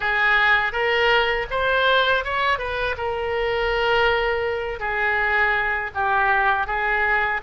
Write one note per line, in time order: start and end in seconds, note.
0.00 0.72 G#4
0.72 1.46 A#4
1.50 2.24 C5
2.24 2.58 C#5
2.58 2.95 B4
2.97 4.79 A#4
4.79 5.91 G#4
5.94 6.66 G4
6.66 7.40 G#4